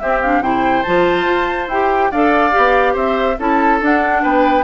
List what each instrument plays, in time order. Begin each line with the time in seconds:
0.00 clarinet C4, bassoon C4, oboe G4, flute E5
0.22 clarinet D4, flute F5
0.41 bassoon C3, clarinet E4, oboe C5, flute G5
0.83 bassoon F3, clarinet F4, flute A5
1.26 bassoon F4
1.68 bassoon E4, clarinet G4, flute G5
2.11 bassoon D4, clarinet A4, oboe D5, flute F5
2.52 bassoon B3, clarinet G4
2.94 bassoon C4, oboe C5, flute E5
3.40 bassoon C#4, clarinet E4, oboe A4, flute A5
3.81 clarinet D4, bassoon D4, flute F#5
4.23 bassoon B3, oboe B4, flute G5